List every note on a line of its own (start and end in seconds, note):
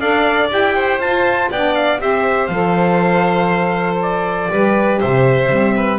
0.00 0.52 D4
0.00 0.50 A4
0.00 0.75 D5
0.00 0.51 F5
0.50 0.99 E4
0.50 1.00 G4
0.50 1.01 G5
0.75 1.50 C5
0.99 1.49 F4
0.99 1.54 F4
0.99 1.51 A5
1.51 2.00 B3
1.51 2.00 D4
1.51 2.01 D5
1.51 1.75 G5
1.75 2.00 F5
2.00 2.49 C4
2.00 2.50 G4
2.00 4.51 C5
2.00 2.47 E5
2.47 4.49 F3
2.47 3.97 F5
2.53 4.51 A4
4.02 5.01 D5
4.51 5.01 G3
4.51 5.50 G4
4.51 5.00 B4
5.00 5.49 C3
5.00 5.75 C5
5.00 5.99 E5
5.49 5.99 G3
5.49 5.99 C4
5.76 5.99 B4